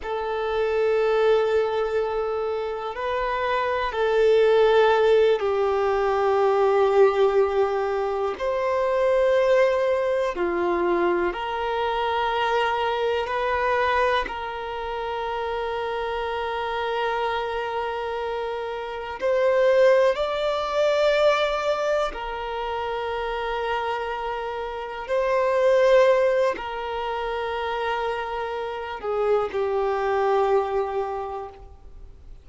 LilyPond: \new Staff \with { instrumentName = "violin" } { \time 4/4 \tempo 4 = 61 a'2. b'4 | a'4. g'2~ g'8~ | g'8 c''2 f'4 ais'8~ | ais'4. b'4 ais'4.~ |
ais'2.~ ais'8 c''8~ | c''8 d''2 ais'4.~ | ais'4. c''4. ais'4~ | ais'4. gis'8 g'2 | }